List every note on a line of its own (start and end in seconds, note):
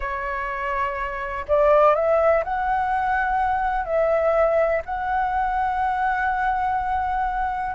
0.00 1.45 C#5
1.48 1.95 D5
1.95 2.43 E5
2.43 3.85 F#5
3.85 4.81 E5
4.85 7.75 F#5